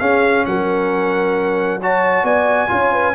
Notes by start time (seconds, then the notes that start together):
0.00 C#4 G#4 F5
0.46 F#3 A#4 F#5
1.82 F#4 C#5 A5
2.23 B3 D5 G#5
2.69 C#4 F4 C#5
2.93 B4